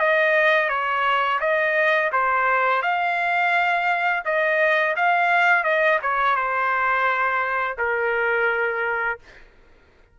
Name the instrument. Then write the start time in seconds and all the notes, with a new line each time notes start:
trumpet
0.00 D#5
0.69 C#5
1.41 D#5
2.13 C5
2.82 F5
4.25 D#5
4.97 F5
5.64 D#5
6.03 C#5
6.36 C5
7.78 A#4